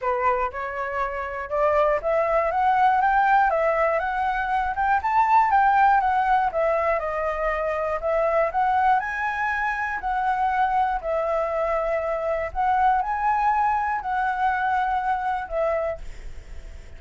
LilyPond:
\new Staff \with { instrumentName = "flute" } { \time 4/4 \tempo 4 = 120 b'4 cis''2 d''4 | e''4 fis''4 g''4 e''4 | fis''4. g''8 a''4 g''4 | fis''4 e''4 dis''2 |
e''4 fis''4 gis''2 | fis''2 e''2~ | e''4 fis''4 gis''2 | fis''2. e''4 | }